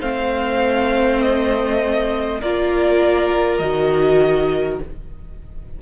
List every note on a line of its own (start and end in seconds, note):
0.00 2.41 A3
0.00 2.40 C4
0.00 2.39 C5
0.00 1.21 F5
1.21 2.41 D#5
2.39 3.59 A#3
2.39 3.61 F4
2.39 4.79 A#4
2.39 3.58 D5
3.58 4.79 D#3
3.58 4.81 F#4
3.58 4.78 D#5